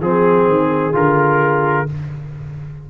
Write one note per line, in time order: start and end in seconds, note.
0.00 0.46 F3
0.00 0.92 C4
0.00 0.95 G#4
0.00 1.90 G#4
0.46 0.93 D#3
0.92 1.88 D3
0.92 1.86 F4
0.92 1.89 A#4